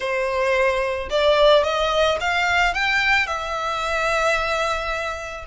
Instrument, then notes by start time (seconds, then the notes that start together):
violin
0.00 C5
1.10 D5
1.63 D#5
2.20 F5
2.73 G5
3.26 E5